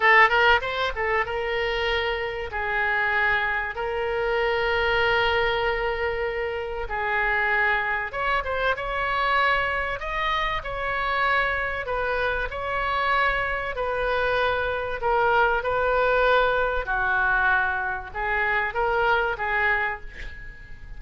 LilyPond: \new Staff \with { instrumentName = "oboe" } { \time 4/4 \tempo 4 = 96 a'8 ais'8 c''8 a'8 ais'2 | gis'2 ais'2~ | ais'2. gis'4~ | gis'4 cis''8 c''8 cis''2 |
dis''4 cis''2 b'4 | cis''2 b'2 | ais'4 b'2 fis'4~ | fis'4 gis'4 ais'4 gis'4 | }